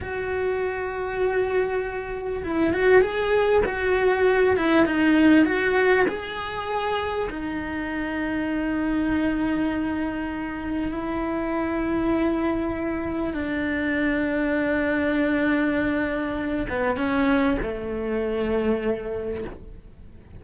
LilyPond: \new Staff \with { instrumentName = "cello" } { \time 4/4 \tempo 4 = 99 fis'1 | e'8 fis'8 gis'4 fis'4. e'8 | dis'4 fis'4 gis'2 | dis'1~ |
dis'2 e'2~ | e'2 d'2~ | d'2.~ d'8 b8 | cis'4 a2. | }